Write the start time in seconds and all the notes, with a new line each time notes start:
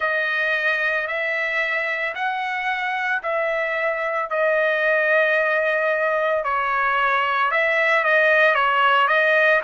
0.00 D#5
1.07 E5
2.14 F#5
3.22 E5
4.30 D#5
6.44 C#5
7.51 E5
8.04 D#5
8.55 C#5
9.07 D#5